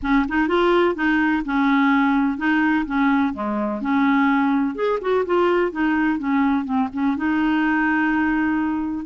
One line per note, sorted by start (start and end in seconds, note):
0.02 0.26 C#4
0.28 0.48 D#4
0.48 0.95 F4
0.95 1.43 D#4
1.45 2.37 C#4
2.37 2.85 D#4
2.86 3.33 C#4
3.33 3.81 G#3
3.81 4.75 C#4
4.75 4.99 G#4
5.01 5.24 F#4
5.25 5.71 F4
5.71 6.18 D#4
6.18 6.64 C#4
6.64 6.88 C4
6.93 7.16 C#4
7.16 9.05 D#4